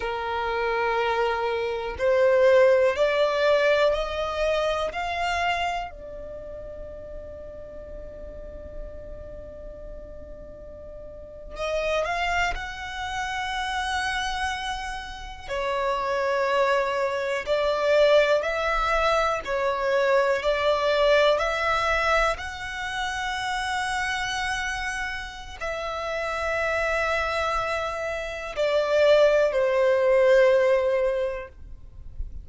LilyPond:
\new Staff \with { instrumentName = "violin" } { \time 4/4 \tempo 4 = 61 ais'2 c''4 d''4 | dis''4 f''4 d''2~ | d''2.~ d''8. dis''16~ | dis''16 f''8 fis''2. cis''16~ |
cis''4.~ cis''16 d''4 e''4 cis''16~ | cis''8. d''4 e''4 fis''4~ fis''16~ | fis''2 e''2~ | e''4 d''4 c''2 | }